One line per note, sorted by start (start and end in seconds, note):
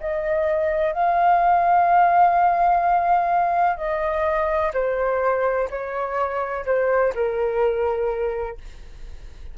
0.00 0.93 D#5
0.93 3.77 F5
3.77 4.72 D#5
4.74 5.69 C5
5.70 6.65 C#5
6.66 7.13 C5
7.15 8.58 A#4